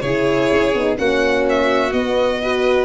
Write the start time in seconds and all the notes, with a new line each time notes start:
0.00 C#3 E4 G#4 C#5
0.51 C#4
0.74 B3 D#4
0.96 A#3 C#4 F#4 F#5
1.49 E5
1.91 B3 D#5
2.42 F#4 B4